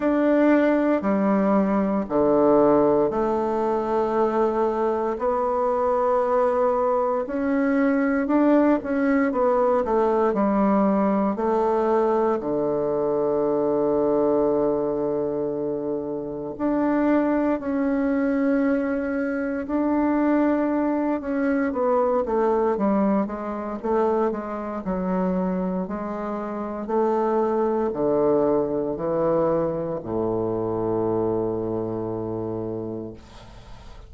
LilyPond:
\new Staff \with { instrumentName = "bassoon" } { \time 4/4 \tempo 4 = 58 d'4 g4 d4 a4~ | a4 b2 cis'4 | d'8 cis'8 b8 a8 g4 a4 | d1 |
d'4 cis'2 d'4~ | d'8 cis'8 b8 a8 g8 gis8 a8 gis8 | fis4 gis4 a4 d4 | e4 a,2. | }